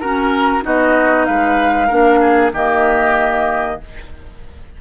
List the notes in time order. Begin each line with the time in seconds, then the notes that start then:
0.00 C#4 F#4 A#4 A#5
0.63 B3 D#4 F#4 D#5
1.26 G#3 B4 F5
1.88 A#3 D4 A#4
2.21 G#4
2.53 D#3 A#3 G4 D#5